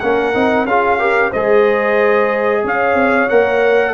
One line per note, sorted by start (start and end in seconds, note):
0.00 0.35 A#3
0.00 0.34 C#4
0.00 0.68 A#4
0.00 0.66 F#5
0.34 0.65 C4
0.34 0.67 D#4
0.65 1.31 C#4
0.65 0.99 F4
0.65 0.99 G#4
0.65 1.32 F5
0.99 1.32 G4
0.99 1.30 A#4
1.30 2.64 G#3
1.30 3.30 G#4
1.30 2.62 C5
1.30 2.65 D#5
2.64 2.94 C#4
2.64 3.94 C#5
2.64 3.29 F5
2.94 3.27 C4
3.29 3.94 A#3
3.29 3.94 A#4
3.29 3.94 F#5